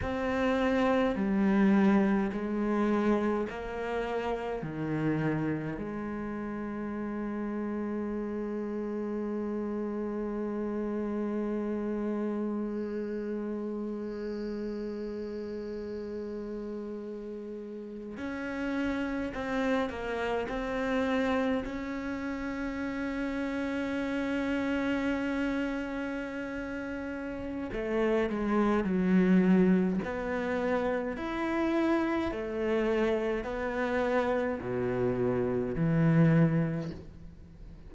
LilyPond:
\new Staff \with { instrumentName = "cello" } { \time 4/4 \tempo 4 = 52 c'4 g4 gis4 ais4 | dis4 gis2.~ | gis1~ | gis2.~ gis8. cis'16~ |
cis'8. c'8 ais8 c'4 cis'4~ cis'16~ | cis'1 | a8 gis8 fis4 b4 e'4 | a4 b4 b,4 e4 | }